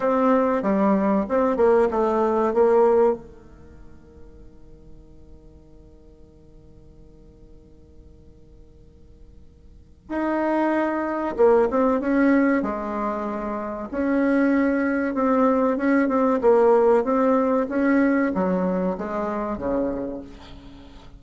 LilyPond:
\new Staff \with { instrumentName = "bassoon" } { \time 4/4 \tempo 4 = 95 c'4 g4 c'8 ais8 a4 | ais4 dis2.~ | dis1~ | dis1 |
dis'2 ais8 c'8 cis'4 | gis2 cis'2 | c'4 cis'8 c'8 ais4 c'4 | cis'4 fis4 gis4 cis4 | }